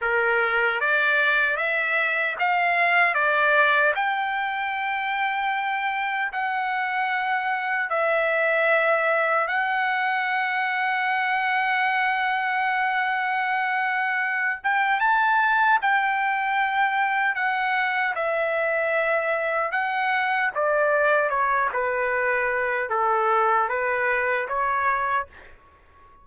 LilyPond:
\new Staff \with { instrumentName = "trumpet" } { \time 4/4 \tempo 4 = 76 ais'4 d''4 e''4 f''4 | d''4 g''2. | fis''2 e''2 | fis''1~ |
fis''2~ fis''8 g''8 a''4 | g''2 fis''4 e''4~ | e''4 fis''4 d''4 cis''8 b'8~ | b'4 a'4 b'4 cis''4 | }